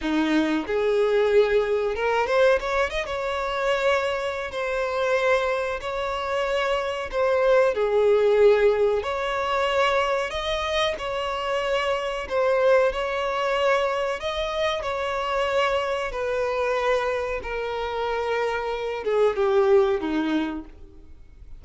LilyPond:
\new Staff \with { instrumentName = "violin" } { \time 4/4 \tempo 4 = 93 dis'4 gis'2 ais'8 c''8 | cis''8 dis''16 cis''2~ cis''16 c''4~ | c''4 cis''2 c''4 | gis'2 cis''2 |
dis''4 cis''2 c''4 | cis''2 dis''4 cis''4~ | cis''4 b'2 ais'4~ | ais'4. gis'8 g'4 dis'4 | }